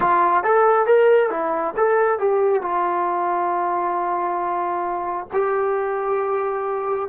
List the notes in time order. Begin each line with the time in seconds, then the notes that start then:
0.00 F4
0.43 A4
0.86 A#4
1.30 E4
1.76 A4
2.19 G4
2.62 F4
5.32 G4